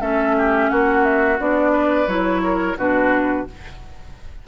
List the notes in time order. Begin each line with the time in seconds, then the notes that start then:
0.00 A3 C#4 A4 E5
0.37 G4
0.70 A#3 F#4 F#5
1.04 E5
1.38 B3 D4 D5
1.72 B4
2.07 F#3 E4 C#5
2.44 A#4
2.77 B2 D4 F#4 B4